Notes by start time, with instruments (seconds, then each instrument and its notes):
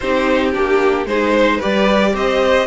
0.00 cello C4, viola D#4, violin G4 C5
0.52 cello A#3, viola D4, violin G4
1.05 cello G#3, viola D#4, violin G#4 C5
1.33 violin C5
1.57 viola G4, violin B4 D5
1.64 cello G3
2.14 cello C4, violin C5 D#5